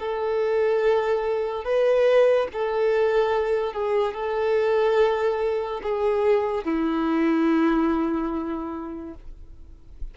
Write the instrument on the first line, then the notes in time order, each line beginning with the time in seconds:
violin
0.00 A4
1.65 B4
2.53 A4
3.74 G#4
4.14 A4
5.83 G#4
6.65 E4